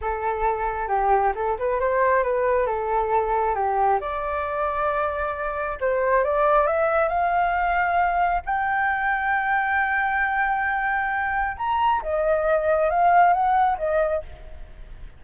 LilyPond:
\new Staff \with { instrumentName = "flute" } { \time 4/4 \tempo 4 = 135 a'2 g'4 a'8 b'8 | c''4 b'4 a'2 | g'4 d''2.~ | d''4 c''4 d''4 e''4 |
f''2. g''4~ | g''1~ | g''2 ais''4 dis''4~ | dis''4 f''4 fis''4 dis''4 | }